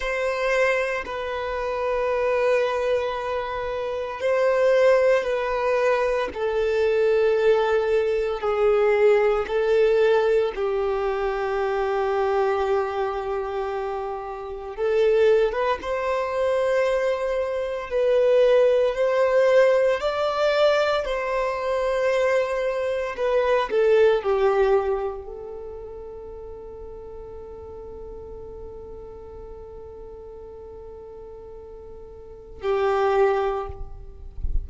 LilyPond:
\new Staff \with { instrumentName = "violin" } { \time 4/4 \tempo 4 = 57 c''4 b'2. | c''4 b'4 a'2 | gis'4 a'4 g'2~ | g'2 a'8. b'16 c''4~ |
c''4 b'4 c''4 d''4 | c''2 b'8 a'8 g'4 | a'1~ | a'2. g'4 | }